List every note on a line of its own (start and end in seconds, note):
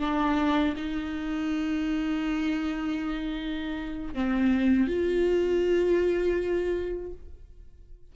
0.00 0.75 D4
0.77 4.15 D#4
4.15 4.88 C4
4.88 7.13 F4